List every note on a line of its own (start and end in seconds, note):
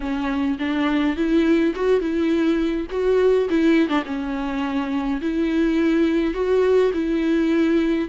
0.00 0.57 C#4
0.58 1.16 D4
1.16 1.74 E4
1.75 2.00 F#4
2.00 2.87 E4
2.90 3.48 F#4
3.49 3.88 E4
3.88 4.03 D4
4.05 5.21 C#4
5.21 6.34 E4
6.34 6.91 F#4
6.93 8.08 E4